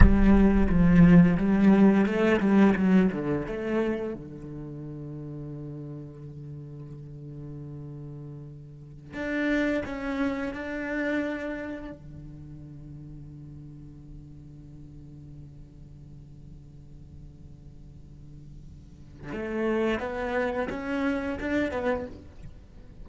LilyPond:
\new Staff \with { instrumentName = "cello" } { \time 4/4 \tempo 4 = 87 g4 f4 g4 a8 g8 | fis8 d8 a4 d2~ | d1~ | d4~ d16 d'4 cis'4 d'8.~ |
d'4~ d'16 d2~ d8.~ | d1~ | d1 | a4 b4 cis'4 d'8 b8 | }